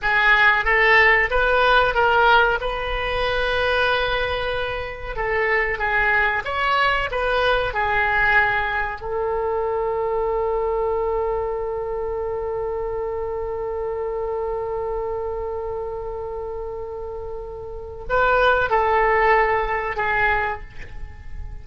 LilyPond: \new Staff \with { instrumentName = "oboe" } { \time 4/4 \tempo 4 = 93 gis'4 a'4 b'4 ais'4 | b'1 | a'4 gis'4 cis''4 b'4 | gis'2 a'2~ |
a'1~ | a'1~ | a'1 | b'4 a'2 gis'4 | }